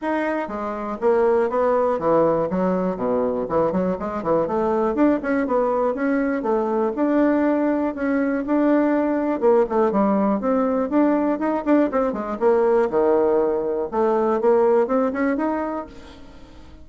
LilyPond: \new Staff \with { instrumentName = "bassoon" } { \time 4/4 \tempo 4 = 121 dis'4 gis4 ais4 b4 | e4 fis4 b,4 e8 fis8 | gis8 e8 a4 d'8 cis'8 b4 | cis'4 a4 d'2 |
cis'4 d'2 ais8 a8 | g4 c'4 d'4 dis'8 d'8 | c'8 gis8 ais4 dis2 | a4 ais4 c'8 cis'8 dis'4 | }